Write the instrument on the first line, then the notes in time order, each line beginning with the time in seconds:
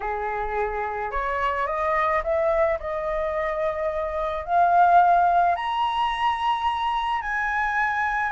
flute
0.00 G#4
1.11 C#5
1.67 D#5
2.23 E5
2.79 D#5
4.44 F5
5.55 A#5
7.21 G#5